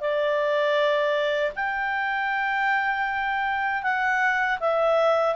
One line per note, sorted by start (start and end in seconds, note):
0.00 1.52 D5
1.55 3.83 G5
3.83 4.58 F#5
4.59 5.35 E5